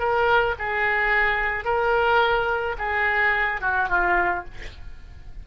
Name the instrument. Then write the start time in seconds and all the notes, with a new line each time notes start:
oboe
0.00 A#4
0.59 G#4
1.65 A#4
2.79 G#4
3.62 F#4
3.90 F4